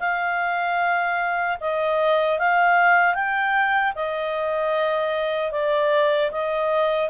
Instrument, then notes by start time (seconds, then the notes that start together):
clarinet
0.00 F5
1.61 D#5
2.39 F5
3.15 G5
3.96 D#5
5.52 D5
6.32 D#5